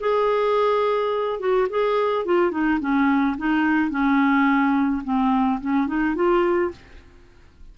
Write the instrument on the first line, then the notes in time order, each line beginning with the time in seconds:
clarinet
0.00 G#4
1.39 F#4
1.69 G#4
2.25 F4
2.51 D#4
2.80 C#4
3.38 D#4
3.90 C#4
5.04 C4
5.60 C#4
5.87 D#4
6.15 F4